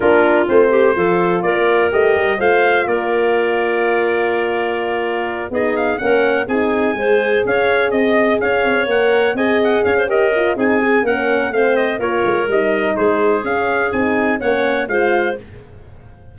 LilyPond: <<
  \new Staff \with { instrumentName = "trumpet" } { \time 4/4 \tempo 4 = 125 ais'4 c''2 d''4 | dis''4 f''4 d''2~ | d''2.~ d''8 dis''8 | f''8 fis''4 gis''2 f''8~ |
f''8 dis''4 f''4 fis''4 gis''8 | fis''8 f''8 dis''4 gis''4 fis''4 | f''8 dis''8 cis''4 dis''4 c''4 | f''4 gis''4 fis''4 f''4 | }
  \new Staff \with { instrumentName = "clarinet" } { \time 4/4 f'4. g'8 a'4 ais'4~ | ais'4 c''4 ais'2~ | ais'2.~ ais'8 gis'8~ | gis'8 ais'4 gis'4 c''4 cis''8~ |
cis''8 dis''4 cis''2 dis''8~ | dis''8 cis''16 c''16 ais'4 gis'4 ais'4 | c''4 ais'2 gis'4~ | gis'2 cis''4 c''4 | }
  \new Staff \with { instrumentName = "horn" } { \time 4/4 d'4 c'4 f'2 | g'4 f'2.~ | f'2.~ f'8 dis'8~ | dis'8 cis'4 dis'4 gis'4.~ |
gis'2~ gis'8 ais'4 gis'8~ | gis'4 g'8 f'8 dis'8 gis'8 cis'4 | c'4 f'4 dis'2 | cis'4 dis'4 cis'4 f'4 | }
  \new Staff \with { instrumentName = "tuba" } { \time 4/4 ais4 a4 f4 ais4 | a8 g8 a4 ais2~ | ais2.~ ais8 b8~ | b8 ais4 c'4 gis4 cis'8~ |
cis'8 c'4 cis'8 c'8 ais4 c'8~ | c'8 cis'4. c'4 ais4 | a4 ais8 gis8 g4 gis4 | cis'4 c'4 ais4 gis4 | }
>>